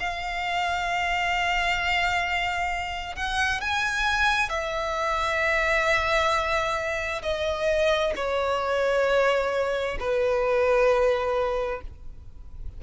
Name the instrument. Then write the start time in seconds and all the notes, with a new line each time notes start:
violin
0.00 F5
3.16 F#5
3.61 G#5
4.50 E5
7.23 D#5
8.16 C#5
10.00 B4